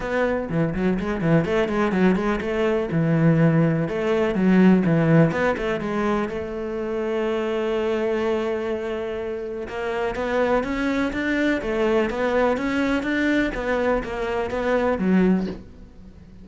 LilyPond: \new Staff \with { instrumentName = "cello" } { \time 4/4 \tempo 4 = 124 b4 e8 fis8 gis8 e8 a8 gis8 | fis8 gis8 a4 e2 | a4 fis4 e4 b8 a8 | gis4 a2.~ |
a1 | ais4 b4 cis'4 d'4 | a4 b4 cis'4 d'4 | b4 ais4 b4 fis4 | }